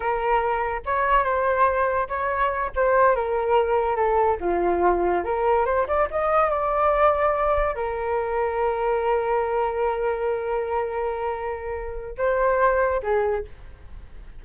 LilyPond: \new Staff \with { instrumentName = "flute" } { \time 4/4 \tempo 4 = 143 ais'2 cis''4 c''4~ | c''4 cis''4. c''4 ais'8~ | ais'4. a'4 f'4.~ | f'8 ais'4 c''8 d''8 dis''4 d''8~ |
d''2~ d''8 ais'4.~ | ais'1~ | ais'1~ | ais'4 c''2 gis'4 | }